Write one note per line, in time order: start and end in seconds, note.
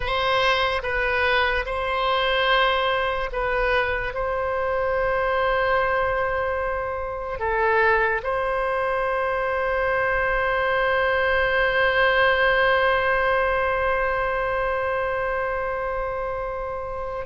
0.00 0.82 C5
0.83 1.65 B4
1.65 3.30 C5
3.32 4.14 B4
4.14 7.39 C5
7.39 8.21 A4
8.23 17.26 C5